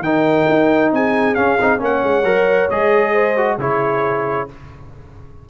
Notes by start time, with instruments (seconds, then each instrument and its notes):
0.00 tuba D#3, trombone D#4, horn A#4, trumpet G5
0.49 tuba D#4
0.93 tuba C4, horn G#4, trumpet G#5
1.35 trombone C#4, tuba C#4, trumpet F5
1.61 tuba C4, trombone D#4
1.79 tuba A#3, trombone C#4, horn C#5, trumpet F#5
2.04 tuba G#3
2.24 tuba F#3, trombone A#4
2.70 tuba G#3, trombone G#4, trumpet D#5
3.13 horn C5
3.37 trombone F#4
3.58 tuba C#3, trombone E4, horn G#4, trumpet C#5